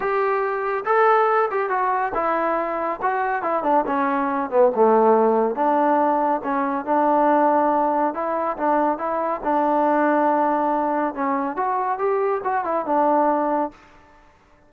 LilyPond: \new Staff \with { instrumentName = "trombone" } { \time 4/4 \tempo 4 = 140 g'2 a'4. g'8 | fis'4 e'2 fis'4 | e'8 d'8 cis'4. b8 a4~ | a4 d'2 cis'4 |
d'2. e'4 | d'4 e'4 d'2~ | d'2 cis'4 fis'4 | g'4 fis'8 e'8 d'2 | }